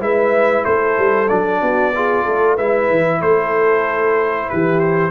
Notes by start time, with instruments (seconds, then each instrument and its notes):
0.00 tuba G#3, trombone E4, horn B4, trumpet E5
0.65 tuba A3, horn A4, trumpet C5
0.99 tuba G3
1.29 tuba F#3, trombone D4, trumpet D5
1.62 tuba B3, horn F#4
1.95 trombone F4, horn G#4
2.24 tuba A3, horn A4
2.55 tuba G#3, trombone E4, horn B4, trumpet E5
2.90 tuba E3
3.21 tuba A3, horn A4, trumpet C5
4.50 tuba E3, horn G4, trumpet B4
4.80 trumpet C5